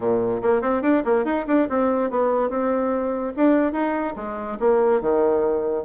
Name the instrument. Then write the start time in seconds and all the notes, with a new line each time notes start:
bassoon
0.00 A#2
0.41 A#3
0.61 C4
0.82 D4
1.05 A#3
1.25 D#4
1.47 D4
1.69 C4
2.10 B3
2.49 C4
3.36 D4
3.72 D#4
4.16 G#3
4.59 A#3
5.01 D#3